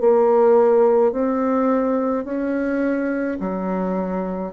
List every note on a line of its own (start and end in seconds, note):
0.00 1.12 A#3
1.12 2.24 C4
2.24 3.38 C#4
3.39 4.52 F#3